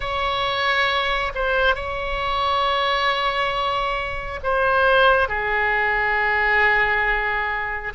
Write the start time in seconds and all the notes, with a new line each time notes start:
0.00 C#5
1.35 C5
1.75 C#5
4.43 C5
5.28 G#4